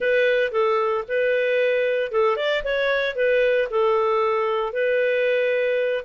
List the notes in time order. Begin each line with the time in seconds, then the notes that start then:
0.00 B4
0.51 A4
1.08 B4
2.11 A4
2.36 D5
2.64 C#5
3.15 B4
3.70 A4
4.72 B4